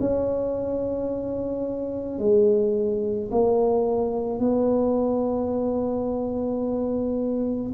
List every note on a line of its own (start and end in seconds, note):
0.00 2.19 C#4
2.19 3.30 G#3
3.31 4.39 A#3
4.39 7.73 B3